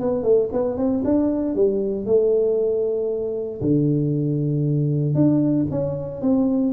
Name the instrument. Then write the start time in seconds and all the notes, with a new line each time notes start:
tuba
0.00 B3
0.23 A3
0.52 B3
0.77 C4
1.04 D4
1.55 G3
2.05 A3
3.61 D3
5.15 D4
5.71 C#4
6.22 C4